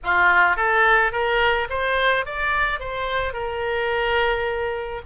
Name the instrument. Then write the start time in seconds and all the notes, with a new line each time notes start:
oboe
0.03 F4
0.56 A4
1.11 A#4
1.69 C5
2.25 D5
2.79 C5
3.33 A#4